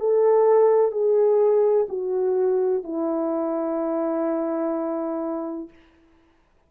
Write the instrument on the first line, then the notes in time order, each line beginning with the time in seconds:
horn
0.00 A4
0.92 G#4
1.89 F#4
2.84 E4